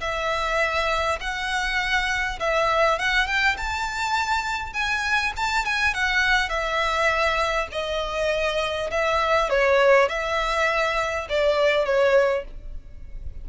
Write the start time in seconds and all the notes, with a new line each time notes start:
0.00 E5
1.20 F#5
2.39 E5
2.99 F#5
3.26 G5
3.57 A5
4.73 G#5
5.36 A5
5.65 G#5
5.94 F#5
6.49 E5
7.71 D#5
8.91 E5
9.49 C#5
10.08 E5
11.29 D5
11.85 C#5